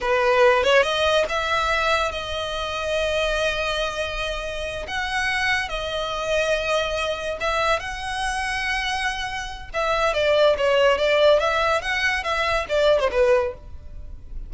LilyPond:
\new Staff \with { instrumentName = "violin" } { \time 4/4 \tempo 4 = 142 b'4. cis''8 dis''4 e''4~ | e''4 dis''2.~ | dis''2.~ dis''8 fis''8~ | fis''4. dis''2~ dis''8~ |
dis''4. e''4 fis''4.~ | fis''2. e''4 | d''4 cis''4 d''4 e''4 | fis''4 e''4 d''8. c''16 b'4 | }